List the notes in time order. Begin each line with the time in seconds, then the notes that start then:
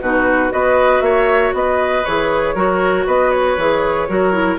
0.00 B2 D#4 F#4 B4
0.49 B3 F#4 B4 D#5
1.01 A#3 C#5 E5
1.53 B3 B4 D#5
2.05 E3 G#4 C#5
2.54 F#3 F#4 A#4
3.06 B3 B4 D#5
3.30 C#5
3.57 E3 G#4
4.08 F#3 F#4 A#4
4.32 E4